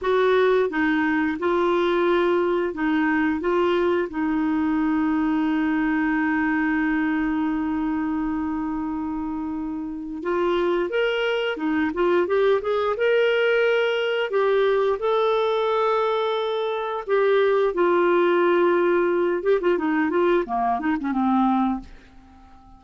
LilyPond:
\new Staff \with { instrumentName = "clarinet" } { \time 4/4 \tempo 4 = 88 fis'4 dis'4 f'2 | dis'4 f'4 dis'2~ | dis'1~ | dis'2. f'4 |
ais'4 dis'8 f'8 g'8 gis'8 ais'4~ | ais'4 g'4 a'2~ | a'4 g'4 f'2~ | f'8 g'16 f'16 dis'8 f'8 ais8 dis'16 cis'16 c'4 | }